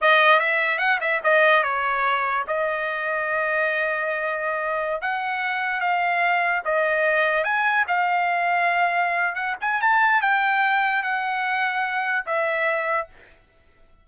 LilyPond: \new Staff \with { instrumentName = "trumpet" } { \time 4/4 \tempo 4 = 147 dis''4 e''4 fis''8 e''8 dis''4 | cis''2 dis''2~ | dis''1~ | dis''16 fis''2 f''4.~ f''16~ |
f''16 dis''2 gis''4 f''8.~ | f''2. fis''8 gis''8 | a''4 g''2 fis''4~ | fis''2 e''2 | }